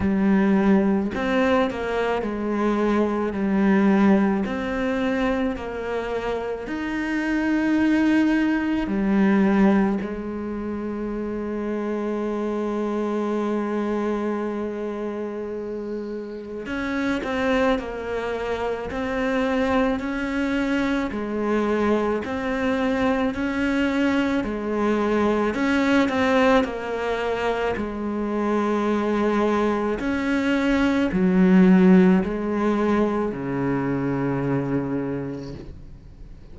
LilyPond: \new Staff \with { instrumentName = "cello" } { \time 4/4 \tempo 4 = 54 g4 c'8 ais8 gis4 g4 | c'4 ais4 dis'2 | g4 gis2.~ | gis2. cis'8 c'8 |
ais4 c'4 cis'4 gis4 | c'4 cis'4 gis4 cis'8 c'8 | ais4 gis2 cis'4 | fis4 gis4 cis2 | }